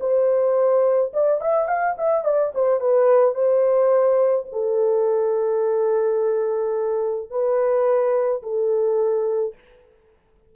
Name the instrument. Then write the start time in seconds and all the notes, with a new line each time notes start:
horn
0.00 C5
1.13 D5
1.41 E5
1.68 F5
1.98 E5
2.25 D5
2.54 C5
2.80 B4
3.35 C5
4.52 A4
7.30 B4
8.42 A4